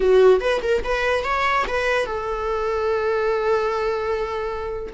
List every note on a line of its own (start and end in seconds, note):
0.00 0.40 F#4
0.40 0.61 B4
0.62 0.83 A#4
0.83 1.24 B4
1.24 1.65 C#5
1.67 2.05 B4
2.05 4.93 A4